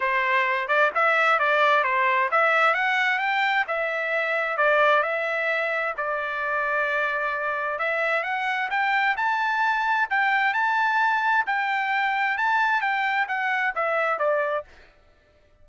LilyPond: \new Staff \with { instrumentName = "trumpet" } { \time 4/4 \tempo 4 = 131 c''4. d''8 e''4 d''4 | c''4 e''4 fis''4 g''4 | e''2 d''4 e''4~ | e''4 d''2.~ |
d''4 e''4 fis''4 g''4 | a''2 g''4 a''4~ | a''4 g''2 a''4 | g''4 fis''4 e''4 d''4 | }